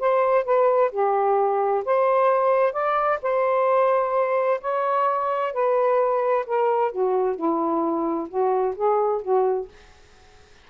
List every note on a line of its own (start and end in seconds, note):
0.00 0.45 C5
0.45 0.91 B4
0.92 1.84 G4
1.86 2.73 C5
2.73 3.19 D5
3.23 4.61 C5
4.62 5.53 C#5
5.53 6.46 B4
6.47 6.93 A#4
6.93 7.36 F#4
7.36 8.29 E4
8.29 8.75 F#4
8.76 9.22 G#4
9.22 9.69 F#4